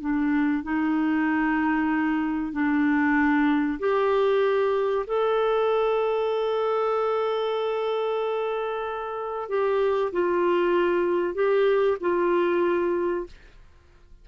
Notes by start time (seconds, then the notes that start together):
0.00 D4
0.63 D#4
2.52 D4
3.79 G4
5.06 A4
9.49 G4
10.12 F4
11.34 G4
12.00 F4